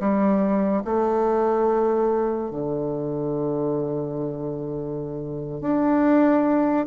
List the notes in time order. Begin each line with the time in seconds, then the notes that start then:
0.00 G3
0.85 A3
2.51 D3
5.61 D4